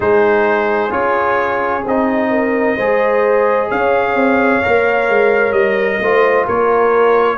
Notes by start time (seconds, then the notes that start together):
0.00 G#3 D#4 G#4 C5
0.89 C#4 F4 C#5
1.84 C4 D#4 D#5
2.30 A#4
2.76 G#3 G#4 C5
3.69 C#4 C#5 F5
4.14 C4
4.62 A#3 A#4
5.08 G#3
5.52 G3 D#5
5.99 A3 F4 C5
6.46 A#3 A#4 C#5